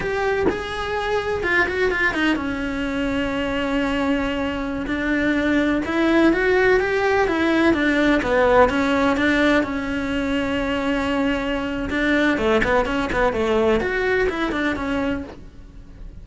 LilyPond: \new Staff \with { instrumentName = "cello" } { \time 4/4 \tempo 4 = 126 g'4 gis'2 f'8 fis'8 | f'8 dis'8 cis'2.~ | cis'2~ cis'16 d'4.~ d'16~ | d'16 e'4 fis'4 g'4 e'8.~ |
e'16 d'4 b4 cis'4 d'8.~ | d'16 cis'2.~ cis'8.~ | cis'4 d'4 a8 b8 cis'8 b8 | a4 fis'4 e'8 d'8 cis'4 | }